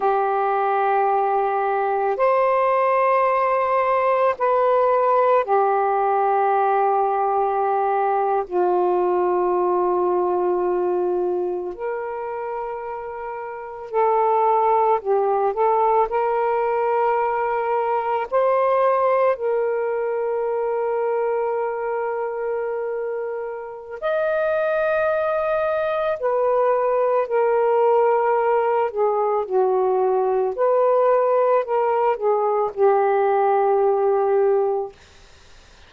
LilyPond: \new Staff \with { instrumentName = "saxophone" } { \time 4/4 \tempo 4 = 55 g'2 c''2 | b'4 g'2~ g'8. f'16~ | f'2~ f'8. ais'4~ ais'16~ | ais'8. a'4 g'8 a'8 ais'4~ ais'16~ |
ais'8. c''4 ais'2~ ais'16~ | ais'2 dis''2 | b'4 ais'4. gis'8 fis'4 | b'4 ais'8 gis'8 g'2 | }